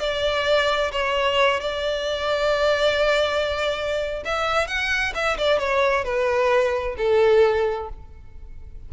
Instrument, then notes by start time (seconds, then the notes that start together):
violin
0.00 D5
0.92 C#5
1.60 D5
4.25 E5
4.67 F#5
5.14 E5
5.38 D5
5.59 C#5
6.04 B4
6.97 A4